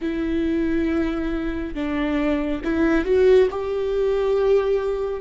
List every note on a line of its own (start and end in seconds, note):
0.01 1.74 E4
1.74 2.61 D4
2.64 3.04 E4
3.04 3.48 F#4
3.50 5.21 G4